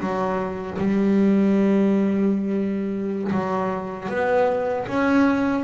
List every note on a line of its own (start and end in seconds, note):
0.00 0.78 F#3
0.78 3.32 G3
3.32 4.09 F#3
4.09 4.87 B3
4.87 5.64 C#4